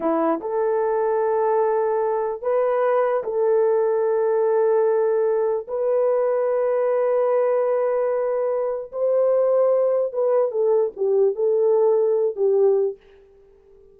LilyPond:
\new Staff \with { instrumentName = "horn" } { \time 4/4 \tempo 4 = 148 e'4 a'2.~ | a'2 b'2 | a'1~ | a'2 b'2~ |
b'1~ | b'2 c''2~ | c''4 b'4 a'4 g'4 | a'2~ a'8 g'4. | }